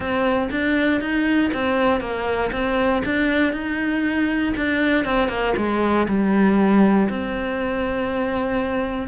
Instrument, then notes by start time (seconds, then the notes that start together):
cello
0.00 C4
0.50 D4
1.01 D#4
1.53 C4
2.00 A#3
2.52 C4
3.05 D4
3.52 D#4
4.56 D4
5.04 C4
5.28 A#3
5.56 G#3
6.08 G3
7.09 C4